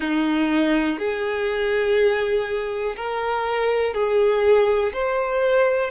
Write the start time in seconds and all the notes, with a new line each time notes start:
0.00 D#4
0.98 G#4
2.96 A#4
3.93 G#4
4.93 C5